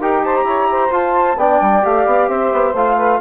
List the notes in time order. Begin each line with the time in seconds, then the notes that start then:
0.00 D#4 G4 A#4 G5
0.25 C5 A5
0.36 A#5
0.44 E4 C#5
0.72 C5
0.91 F4 A5
1.37 B3 D4 D5 G5
1.61 G3
1.83 A3 G4 F5
2.06 B3
2.29 C4 C5 E5
2.53 B3
2.74 A3 F4 F5
2.97 B4